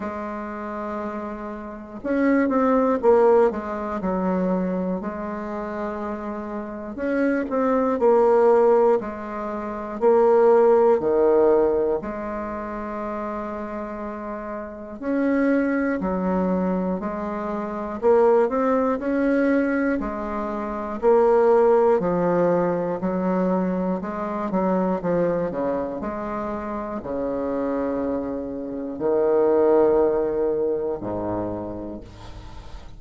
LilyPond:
\new Staff \with { instrumentName = "bassoon" } { \time 4/4 \tempo 4 = 60 gis2 cis'8 c'8 ais8 gis8 | fis4 gis2 cis'8 c'8 | ais4 gis4 ais4 dis4 | gis2. cis'4 |
fis4 gis4 ais8 c'8 cis'4 | gis4 ais4 f4 fis4 | gis8 fis8 f8 cis8 gis4 cis4~ | cis4 dis2 gis,4 | }